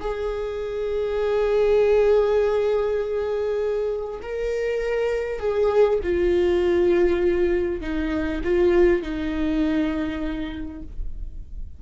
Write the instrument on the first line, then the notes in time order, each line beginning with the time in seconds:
viola
0.00 G#4
4.22 A#4
5.39 G#4
6.03 F4
7.81 D#4
8.43 F4
9.02 D#4